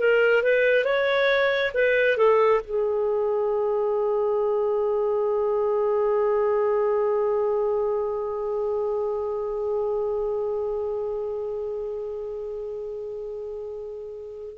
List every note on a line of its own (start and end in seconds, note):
0.00 0.43 A#4
0.43 0.85 B4
0.85 1.72 C#5
1.74 2.18 B4
2.18 2.61 A4
2.64 14.58 G#4